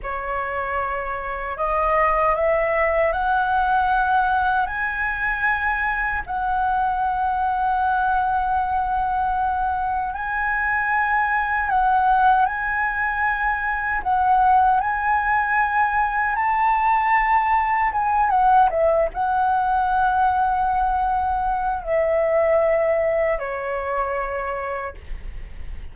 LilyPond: \new Staff \with { instrumentName = "flute" } { \time 4/4 \tempo 4 = 77 cis''2 dis''4 e''4 | fis''2 gis''2 | fis''1~ | fis''4 gis''2 fis''4 |
gis''2 fis''4 gis''4~ | gis''4 a''2 gis''8 fis''8 | e''8 fis''2.~ fis''8 | e''2 cis''2 | }